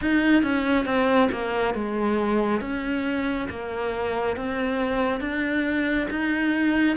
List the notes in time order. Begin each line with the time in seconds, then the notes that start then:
0.01 D#4
0.42 C#4
0.85 C4
1.31 A#3
1.74 G#3
2.60 C#4
3.49 A#3
4.36 C4
5.20 D4
6.09 D#4